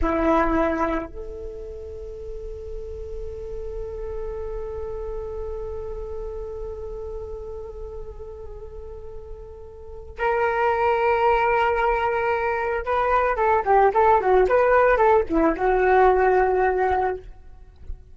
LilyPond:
\new Staff \with { instrumentName = "flute" } { \time 4/4 \tempo 4 = 112 e'2 a'2~ | a'1~ | a'1~ | a'1~ |
a'2. ais'4~ | ais'1 | b'4 a'8 g'8 a'8 fis'8 b'4 | a'8 e'8 fis'2. | }